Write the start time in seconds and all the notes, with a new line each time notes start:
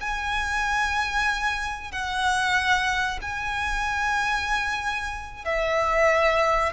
0.00 G#5
1.91 F#5
3.21 G#5
5.45 E5